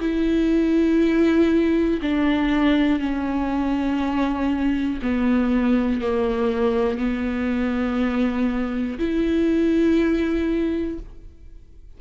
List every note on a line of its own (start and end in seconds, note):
0.00 2.00 E4
2.02 3.00 D4
3.00 5.00 C#4
5.02 6.01 B3
6.01 6.98 A#3
6.98 8.98 B3
8.99 10.99 E4